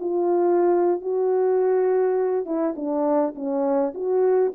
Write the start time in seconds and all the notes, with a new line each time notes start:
0.00 F4
1.01 F#4
2.45 E4
2.76 D4
3.35 C#4
3.94 F#4